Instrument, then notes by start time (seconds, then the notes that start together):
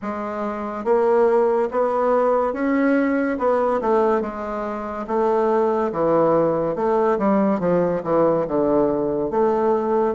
bassoon
0.02 G#3
0.84 A#3
1.71 B3
2.53 C#4
3.38 B3
3.81 A3
4.21 G#3
5.07 A3
5.92 E3
6.75 A3
7.18 G3
7.59 F3
8.03 E3
8.47 D3
9.30 A3